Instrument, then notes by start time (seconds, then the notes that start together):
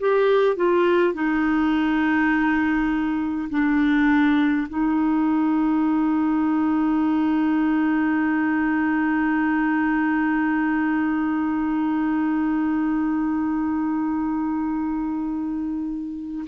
clarinet
0.00 G4
0.57 F4
1.14 D#4
3.50 D4
4.69 D#4